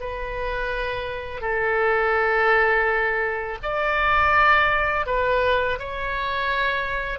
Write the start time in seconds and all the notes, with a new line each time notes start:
0.00 B4
1.41 A4
3.62 D5
5.06 B4
5.79 C#5